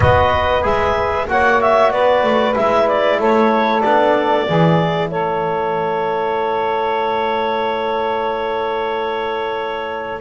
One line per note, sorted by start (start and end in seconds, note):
0.00 0.63 B3
0.00 0.62 F#4
0.00 1.27 B4
0.00 0.64 D#5
0.62 1.28 G#3
0.62 1.25 G#4
0.62 1.28 E5
1.28 1.91 A#3
1.28 2.55 F#4
1.28 1.92 C#5
1.28 1.61 F#5
1.61 1.91 E5
1.91 2.23 B3
1.91 3.18 B4
1.91 2.55 D5
2.23 2.55 A3
2.55 3.18 G#3
2.55 3.82 E4
2.55 2.88 E5
2.88 3.20 D5
3.18 3.82 A3
3.18 4.45 A4
3.18 3.80 C#5
3.80 4.48 B3
3.80 4.46 D4
3.80 5.08 D5
4.45 5.11 E3
4.45 10.21 E4
4.45 5.09 G#4
5.10 10.21 A3
5.10 10.21 A4
5.10 10.21 C#5